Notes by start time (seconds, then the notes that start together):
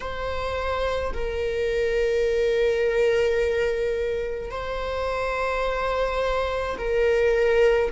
0.00 C5
1.13 A#4
4.50 C5
6.78 A#4